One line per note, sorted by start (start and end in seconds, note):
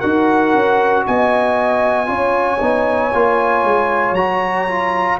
0.00 0.54 D#4
0.00 2.06 F#4
0.00 1.03 A#4
0.00 1.03 F#5
0.54 1.06 C#4
1.06 2.08 B3
1.06 2.09 D#5
1.06 4.14 G#5
2.06 2.60 C#4
2.06 2.58 F4
2.06 5.19 C#5
2.60 3.12 B3
2.60 3.11 D#4
3.13 3.64 A#3
3.13 4.16 F4
3.64 4.11 G#3
4.11 5.14 F#3
4.11 4.67 F#4
4.11 5.18 A#5
4.68 5.19 F4